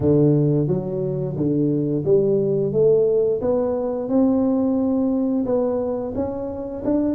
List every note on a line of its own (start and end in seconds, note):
0.00 0.67 D3
0.67 1.35 F#3
1.36 2.04 D3
2.05 2.72 G3
2.72 3.40 A3
3.41 4.08 B3
4.08 5.45 C4
5.45 6.13 B3
6.15 6.83 C#4
6.84 7.14 D4